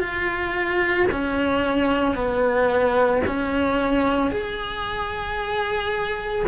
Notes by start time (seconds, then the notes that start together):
0.00 F4
1.12 C#4
2.15 B3
3.27 C#4
4.31 G#4